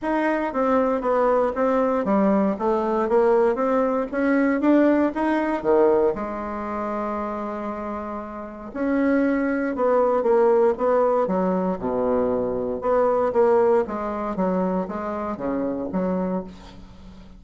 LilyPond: \new Staff \with { instrumentName = "bassoon" } { \time 4/4 \tempo 4 = 117 dis'4 c'4 b4 c'4 | g4 a4 ais4 c'4 | cis'4 d'4 dis'4 dis4 | gis1~ |
gis4 cis'2 b4 | ais4 b4 fis4 b,4~ | b,4 b4 ais4 gis4 | fis4 gis4 cis4 fis4 | }